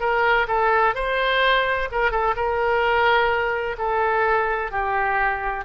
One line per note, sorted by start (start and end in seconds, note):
0.00 0.47 A#4
0.48 0.95 A4
0.95 1.89 C5
1.92 2.11 A#4
2.11 2.35 A4
2.36 3.77 A#4
3.78 4.71 A4
4.71 5.65 G4